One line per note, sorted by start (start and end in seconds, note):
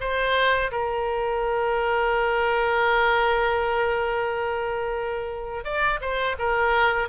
0.00 0.71 C5
0.72 5.64 A#4
5.64 6.00 D5
6.01 6.36 C5
6.39 7.09 A#4